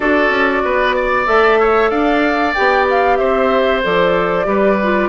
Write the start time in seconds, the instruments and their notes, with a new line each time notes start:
0.00 bassoon D4, clarinet F#4, oboe A4, flute D5
0.29 bassoon C#4
0.64 bassoon B3, oboe B4
0.95 oboe D5
1.25 bassoon A3, clarinet A4, flute E5
1.59 oboe C#5
1.89 bassoon D4, oboe D5, flute F5
2.54 bassoon B3, clarinet G4, flute G5
2.90 flute F5
3.16 bassoon C4, oboe C5, flute E5
3.83 bassoon F3, clarinet A4, flute D5
4.44 bassoon G3, clarinet G4, oboe B4
4.82 clarinet F4